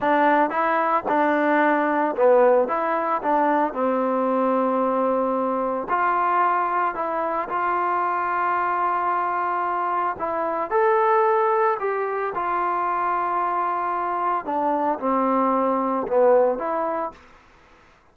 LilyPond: \new Staff \with { instrumentName = "trombone" } { \time 4/4 \tempo 4 = 112 d'4 e'4 d'2 | b4 e'4 d'4 c'4~ | c'2. f'4~ | f'4 e'4 f'2~ |
f'2. e'4 | a'2 g'4 f'4~ | f'2. d'4 | c'2 b4 e'4 | }